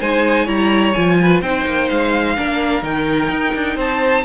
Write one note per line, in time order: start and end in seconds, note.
0.00 0.48 G#3
0.00 0.46 D#4
0.00 0.45 C5
0.00 0.48 G#5
0.45 0.95 G3
0.45 0.93 E4
0.45 1.16 C#5
0.45 0.93 A#5
0.93 1.42 F3
0.93 1.43 F4
0.93 1.41 G#5
1.22 1.42 B4
1.42 1.65 C4
1.42 2.37 D#4
1.42 2.36 C5
1.42 1.89 G5
1.66 1.89 A#3
1.89 2.38 G#3
1.89 2.84 F5
2.36 2.83 A#3
2.36 2.82 D4
2.36 3.76 A#4
2.82 3.30 D#3
2.82 4.24 D#4
2.82 3.79 G5
3.31 3.54 D#4
3.54 3.76 D4
3.76 4.24 C4
3.76 4.24 C5
3.76 4.25 A5